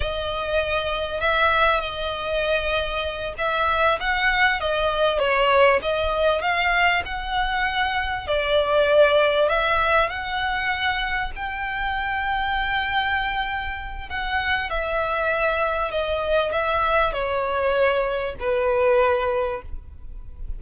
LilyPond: \new Staff \with { instrumentName = "violin" } { \time 4/4 \tempo 4 = 98 dis''2 e''4 dis''4~ | dis''4. e''4 fis''4 dis''8~ | dis''8 cis''4 dis''4 f''4 fis''8~ | fis''4. d''2 e''8~ |
e''8 fis''2 g''4.~ | g''2. fis''4 | e''2 dis''4 e''4 | cis''2 b'2 | }